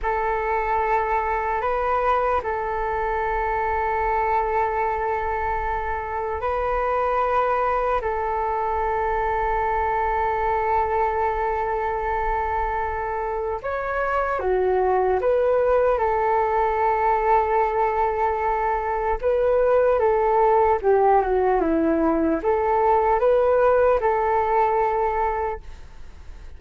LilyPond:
\new Staff \with { instrumentName = "flute" } { \time 4/4 \tempo 4 = 75 a'2 b'4 a'4~ | a'1 | b'2 a'2~ | a'1~ |
a'4 cis''4 fis'4 b'4 | a'1 | b'4 a'4 g'8 fis'8 e'4 | a'4 b'4 a'2 | }